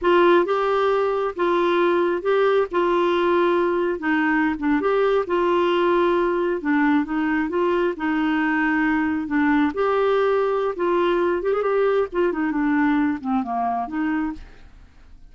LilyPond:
\new Staff \with { instrumentName = "clarinet" } { \time 4/4 \tempo 4 = 134 f'4 g'2 f'4~ | f'4 g'4 f'2~ | f'4 dis'4~ dis'16 d'8 g'4 f'16~ | f'2~ f'8. d'4 dis'16~ |
dis'8. f'4 dis'2~ dis'16~ | dis'8. d'4 g'2~ g'16 | f'4. g'16 gis'16 g'4 f'8 dis'8 | d'4. c'8 ais4 dis'4 | }